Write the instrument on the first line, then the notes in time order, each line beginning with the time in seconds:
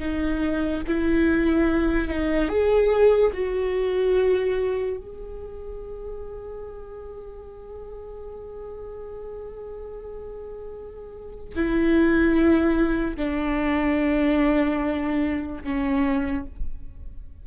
viola
0.00 D#4
0.88 E4
2.08 D#4
2.49 G#4
3.34 F#4
4.97 G#4
11.56 E4
13.17 D4
15.64 C#4